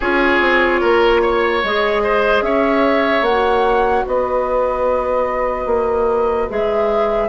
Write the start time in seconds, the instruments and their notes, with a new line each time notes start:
0.00 bassoon C#4, clarinet F4, oboe G#4, flute C#5
0.40 bassoon C4
0.80 bassoon A#3, oboe A#4
1.21 oboe C#5
1.63 bassoon G#3, clarinet G#4, flute D#5
2.03 oboe C5
2.41 bassoon C#4, oboe C#5, flute E5
3.21 bassoon A#3, clarinet F#4, flute F#5
4.05 bassoon B3, oboe B4, flute D#5
5.66 bassoon A#3
6.50 bassoon G#3, clarinet G#4, flute E5